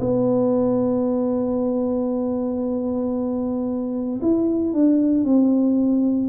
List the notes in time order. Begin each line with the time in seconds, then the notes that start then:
0.00 B3
4.22 E4
4.73 D4
5.24 C4